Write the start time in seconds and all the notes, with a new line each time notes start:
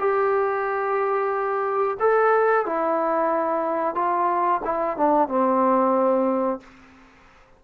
0.00 G4
2.00 A4
2.66 E4
3.95 F4
4.65 E4
4.98 D4
5.29 C4